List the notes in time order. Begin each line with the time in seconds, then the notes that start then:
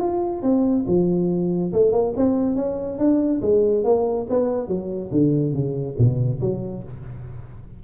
0.00 F4
0.42 C4
0.87 F3
1.73 A3
1.92 A#3
2.16 C4
2.56 C#4
2.98 D4
3.42 G#3
3.84 A#3
4.30 B3
4.68 F#3
5.11 D3
5.53 C#3
5.98 B2
6.41 F#3